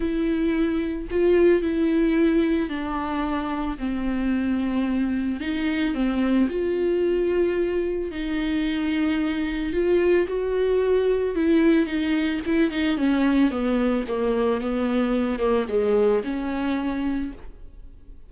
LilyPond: \new Staff \with { instrumentName = "viola" } { \time 4/4 \tempo 4 = 111 e'2 f'4 e'4~ | e'4 d'2 c'4~ | c'2 dis'4 c'4 | f'2. dis'4~ |
dis'2 f'4 fis'4~ | fis'4 e'4 dis'4 e'8 dis'8 | cis'4 b4 ais4 b4~ | b8 ais8 gis4 cis'2 | }